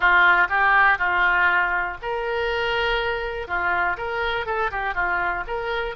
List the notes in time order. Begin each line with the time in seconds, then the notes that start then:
0.00 F4
0.49 G4
0.98 F4
2.02 A#4
3.47 F4
3.97 A#4
4.46 A4
4.71 G4
4.94 F4
5.47 A#4